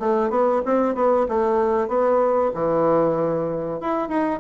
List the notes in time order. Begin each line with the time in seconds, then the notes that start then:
0.00 A3
0.30 B3
0.66 C4
0.95 B3
1.29 A3
1.88 B3
2.55 E3
3.81 E4
4.09 D#4